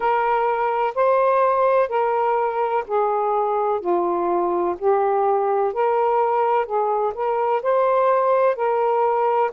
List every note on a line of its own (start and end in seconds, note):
0.00 0.94 A#4
0.94 1.88 C5
1.88 2.84 A#4
2.87 3.80 G#4
3.80 4.75 F4
4.78 5.73 G4
5.73 6.65 A#4
6.65 7.13 G#4
7.14 7.61 A#4
7.62 8.55 C5
8.55 9.50 A#4